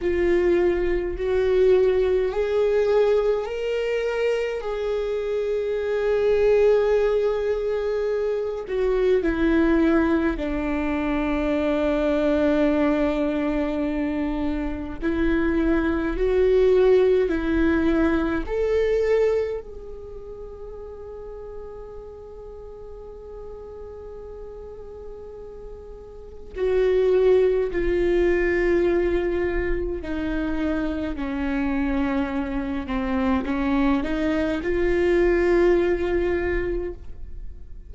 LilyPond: \new Staff \with { instrumentName = "viola" } { \time 4/4 \tempo 4 = 52 f'4 fis'4 gis'4 ais'4 | gis'2.~ gis'8 fis'8 | e'4 d'2.~ | d'4 e'4 fis'4 e'4 |
a'4 gis'2.~ | gis'2. fis'4 | f'2 dis'4 cis'4~ | cis'8 c'8 cis'8 dis'8 f'2 | }